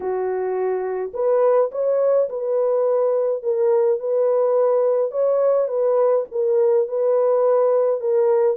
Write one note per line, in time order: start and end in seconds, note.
0.00 1.11 F#4
1.13 1.70 B4
1.71 2.28 C#5
2.29 3.42 B4
3.42 3.99 A#4
3.99 5.11 B4
5.11 5.68 C#5
5.68 6.25 B4
6.31 6.88 A#4
6.88 8.00 B4
8.00 8.57 A#4